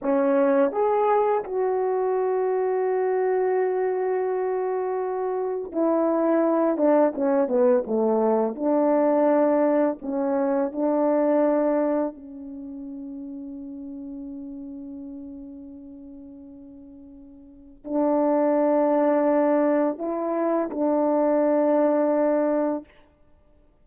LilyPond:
\new Staff \with { instrumentName = "horn" } { \time 4/4 \tempo 4 = 84 cis'4 gis'4 fis'2~ | fis'1 | e'4. d'8 cis'8 b8 a4 | d'2 cis'4 d'4~ |
d'4 cis'2.~ | cis'1~ | cis'4 d'2. | e'4 d'2. | }